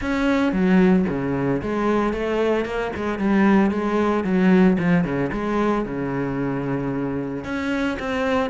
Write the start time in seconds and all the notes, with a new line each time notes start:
0.01 C#4
0.52 F#3
1.08 C#3
1.62 G#3
2.13 A3
2.65 A#3
2.96 G#3
3.19 G3
3.70 G#3
4.24 F#3
4.78 F3
5.04 C#3
5.32 G#3
5.85 C#3
7.44 C#4
7.99 C4